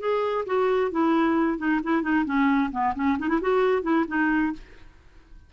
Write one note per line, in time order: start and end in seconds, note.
0.00 0.45 G#4
0.46 0.91 F#4
0.92 1.58 E4
1.58 1.81 D#4
1.84 2.03 E4
2.03 2.25 D#4
2.26 2.71 C#4
2.72 2.94 B3
2.96 3.18 C#4
3.19 3.29 D#4
3.29 3.41 E4
3.42 3.83 F#4
3.83 4.05 E4
4.08 4.53 D#4